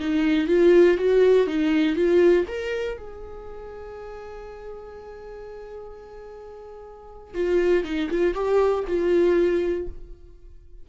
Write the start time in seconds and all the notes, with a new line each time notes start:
0.00 D#4
0.47 F4
0.98 F#4
1.47 D#4
1.96 F4
2.48 A#4
2.98 G#4
7.35 F4
7.85 D#4
8.10 F4
8.34 G4
8.88 F4